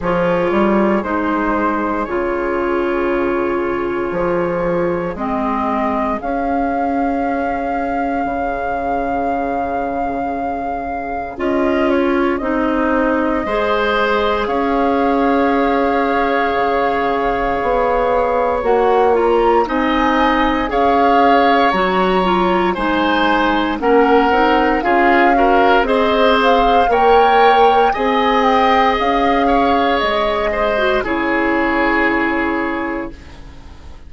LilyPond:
<<
  \new Staff \with { instrumentName = "flute" } { \time 4/4 \tempo 4 = 58 cis''4 c''4 cis''2~ | cis''4 dis''4 f''2~ | f''2. dis''8 cis''8 | dis''2 f''2~ |
f''2 fis''8 ais''8 gis''4 | f''4 ais''4 gis''4 fis''4 | f''4 dis''8 f''8 g''4 gis''8 g''8 | f''4 dis''4 cis''2 | }
  \new Staff \with { instrumentName = "oboe" } { \time 4/4 gis'1~ | gis'1~ | gis'1~ | gis'4 c''4 cis''2~ |
cis''2. dis''4 | cis''2 c''4 ais'4 | gis'8 ais'8 c''4 cis''4 dis''4~ | dis''8 cis''4 c''8 gis'2 | }
  \new Staff \with { instrumentName = "clarinet" } { \time 4/4 f'4 dis'4 f'2~ | f'4 c'4 cis'2~ | cis'2. f'4 | dis'4 gis'2.~ |
gis'2 fis'8 f'8 dis'4 | gis'4 fis'8 f'8 dis'4 cis'8 dis'8 | f'8 fis'8 gis'4 ais'4 gis'4~ | gis'4.~ gis'16 fis'16 e'2 | }
  \new Staff \with { instrumentName = "bassoon" } { \time 4/4 f8 g8 gis4 cis2 | f4 gis4 cis'2 | cis2. cis'4 | c'4 gis4 cis'2 |
cis4 b4 ais4 c'4 | cis'4 fis4 gis4 ais8 c'8 | cis'4 c'4 ais4 c'4 | cis'4 gis4 cis2 | }
>>